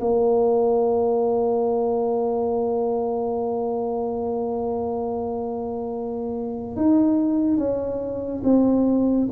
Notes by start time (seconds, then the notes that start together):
0.00 A#3
6.76 D#4
7.57 C#4
8.44 C4